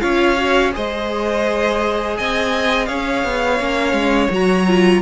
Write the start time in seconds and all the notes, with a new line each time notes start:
0.00 C#4 F4 C#5 F5
0.37 F#4
0.73 G#3 G#4 C5 D#5
2.17 C4 D#5 G#5
2.85 C#4 C#5 F5
3.24 B3
3.59 A#3 C#4
3.92 G#3
4.30 F#3 F#4 A#5
4.67 F4